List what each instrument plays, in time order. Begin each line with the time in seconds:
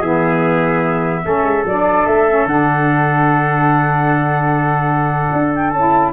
0.00 tuba E3, saxophone B3, trumpet G#4, flute E5
1.23 tuba A3, saxophone C#4, trumpet A4
1.43 tuba G#3
1.65 tuba F#3, saxophone D4, flute D5
2.06 tuba A3, flute E5
2.29 saxophone C#4
2.45 tuba D3, saxophone D4, flute F#5
5.32 tuba D4
5.55 flute G5
5.70 tuba C#4, saxophone E4, flute A5